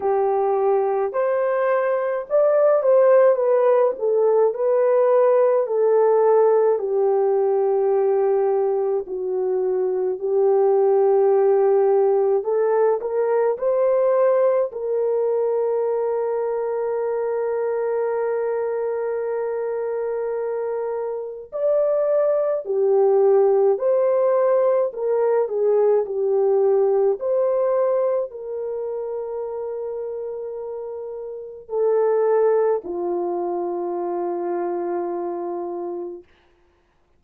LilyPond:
\new Staff \with { instrumentName = "horn" } { \time 4/4 \tempo 4 = 53 g'4 c''4 d''8 c''8 b'8 a'8 | b'4 a'4 g'2 | fis'4 g'2 a'8 ais'8 | c''4 ais'2.~ |
ais'2. d''4 | g'4 c''4 ais'8 gis'8 g'4 | c''4 ais'2. | a'4 f'2. | }